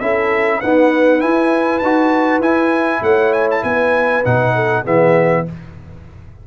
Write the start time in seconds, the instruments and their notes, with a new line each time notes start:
0.00 tuba C#4, trombone E4, horn A4, trumpet E5
0.60 trombone B3, tuba D#4, horn B4, trumpet F#5
1.20 trombone E4, tuba E4, trumpet G#5
1.79 tuba D#4, trombone F#4, trumpet A5
2.39 tuba E4, trombone E4, trumpet G#5
3.02 tuba A3, horn C#5, trumpet F#5
3.33 trumpet G#5
3.51 trumpet A5
3.63 tuba B3, horn B4, trumpet G#5
4.24 tuba B2, trombone D#4, trumpet F#5
4.55 horn A4
4.84 tuba E3, trombone B3, horn G#4, trumpet E5